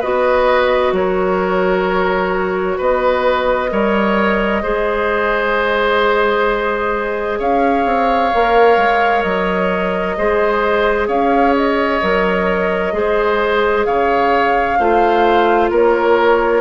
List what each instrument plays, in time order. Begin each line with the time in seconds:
0.00 bassoon B3, clarinet F#4, oboe B4, flute D#5
0.92 bassoon F#3, oboe A#4, flute C#5
2.78 bassoon B3, oboe B4, flute D#5
3.70 bassoon G3, clarinet A#4, oboe C#5
4.63 bassoon G#3, clarinet G#4, oboe C5
7.39 bassoon C#4, oboe C#5, flute F5
7.85 bassoon C4
8.34 bassoon A#3, clarinet A#4
8.77 bassoon G#3
9.22 bassoon F#3, flute D#5
10.18 bassoon G#3, clarinet G#4, oboe C5
11.08 bassoon C#4, oboe C#5, flute F5
11.56 flute D#5
12.02 bassoon F#3, clarinet A#4
12.93 bassoon G#3, clarinet G#4, oboe C5
13.85 bassoon C#3, oboe C#5, flute F5
14.79 bassoon A3, clarinet F4, oboe C5
15.70 bassoon A#3, oboe A#4, flute C#5